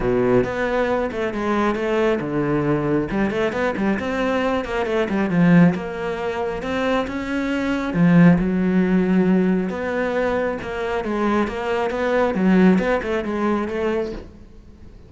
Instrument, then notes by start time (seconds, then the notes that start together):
cello
0.00 B2
0.44 B3
1.11 A3
1.33 G#3
1.75 A3
2.20 D3
3.11 G3
3.30 A3
3.52 B3
3.76 G3
3.99 C4
4.64 A#3
4.85 A3
5.09 G3
5.29 F3
5.74 A#3
6.62 C4
7.07 C#4
7.93 F3
8.38 F#3
9.69 B3
10.62 A#3
11.04 G#3
11.47 A#3
11.90 B3
12.34 F#3
12.78 B3
13.02 A3
13.24 G#3
13.68 A3